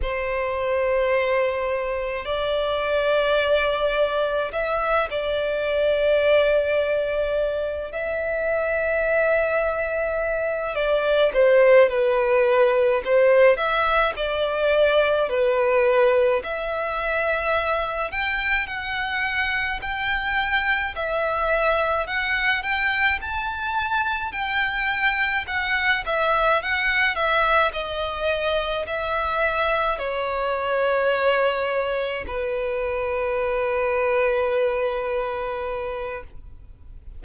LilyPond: \new Staff \with { instrumentName = "violin" } { \time 4/4 \tempo 4 = 53 c''2 d''2 | e''8 d''2~ d''8 e''4~ | e''4. d''8 c''8 b'4 c''8 | e''8 d''4 b'4 e''4. |
g''8 fis''4 g''4 e''4 fis''8 | g''8 a''4 g''4 fis''8 e''8 fis''8 | e''8 dis''4 e''4 cis''4.~ | cis''8 b'2.~ b'8 | }